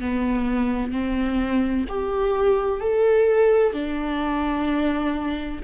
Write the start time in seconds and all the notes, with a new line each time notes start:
0.00 B3
0.91 C4
1.88 G4
2.80 A4
3.73 D4